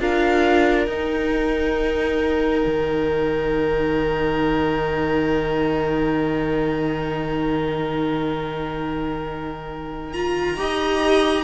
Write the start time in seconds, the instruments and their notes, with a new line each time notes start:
0.00 cello D4, viola F4, violin A#4 F5
0.87 cello D#4, viola D#4, violin G5
2.66 cello D#3
10.13 viola F4, violin A#5
10.57 cello D#4, viola G4, violin D#5